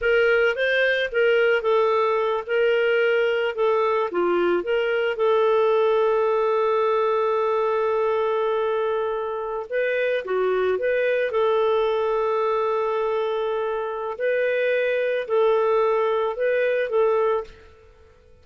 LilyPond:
\new Staff \with { instrumentName = "clarinet" } { \time 4/4 \tempo 4 = 110 ais'4 c''4 ais'4 a'4~ | a'8 ais'2 a'4 f'8~ | f'8 ais'4 a'2~ a'8~ | a'1~ |
a'4.~ a'16 b'4 fis'4 b'16~ | b'8. a'2.~ a'16~ | a'2 b'2 | a'2 b'4 a'4 | }